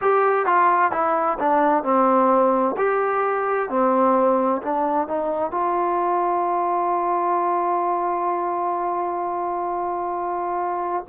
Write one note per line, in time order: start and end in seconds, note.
0.01 0.46 G4
0.46 0.91 F4
0.91 1.38 E4
1.38 1.83 D4
1.83 2.75 C4
2.77 3.69 G4
3.69 4.61 C4
4.62 5.07 D4
5.07 5.51 D#4
5.51 11.05 F4